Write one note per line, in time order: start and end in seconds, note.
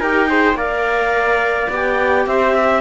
0.00 0.54 D#4
0.00 0.28 G4
0.00 0.28 A#4
0.00 0.57 G5
0.28 0.56 G#4
0.28 0.57 C5
0.54 1.67 A#3
0.54 1.71 A#4
0.54 2.27 D5
0.54 1.71 F5
1.70 2.26 B3
1.70 2.81 G4
1.70 2.28 G5
2.26 2.81 C4
2.26 2.54 C5
2.26 2.81 E5
2.54 2.81 E5